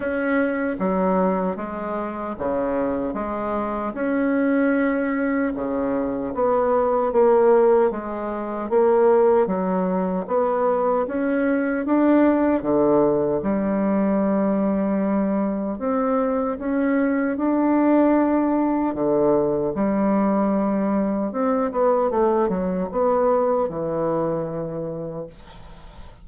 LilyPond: \new Staff \with { instrumentName = "bassoon" } { \time 4/4 \tempo 4 = 76 cis'4 fis4 gis4 cis4 | gis4 cis'2 cis4 | b4 ais4 gis4 ais4 | fis4 b4 cis'4 d'4 |
d4 g2. | c'4 cis'4 d'2 | d4 g2 c'8 b8 | a8 fis8 b4 e2 | }